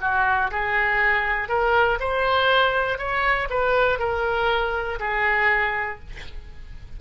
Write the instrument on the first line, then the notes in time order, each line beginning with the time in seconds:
oboe
0.00 F#4
0.50 G#4
1.49 A#4
2.00 C5
2.98 C#5
3.50 B4
3.99 A#4
4.99 G#4